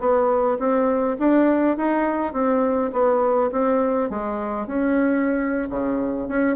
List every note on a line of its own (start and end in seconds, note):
0.00 0.58 B3
0.59 1.18 C4
1.19 1.77 D4
1.77 2.33 D#4
2.33 2.92 C4
2.93 3.51 B3
3.52 4.10 C4
4.10 4.67 G#3
4.67 5.69 C#4
5.70 6.28 C#3
6.28 6.56 C#4